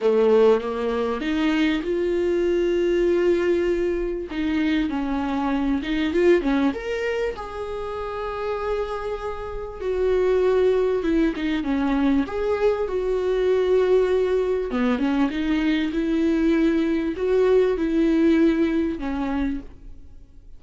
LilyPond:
\new Staff \with { instrumentName = "viola" } { \time 4/4 \tempo 4 = 98 a4 ais4 dis'4 f'4~ | f'2. dis'4 | cis'4. dis'8 f'8 cis'8 ais'4 | gis'1 |
fis'2 e'8 dis'8 cis'4 | gis'4 fis'2. | b8 cis'8 dis'4 e'2 | fis'4 e'2 cis'4 | }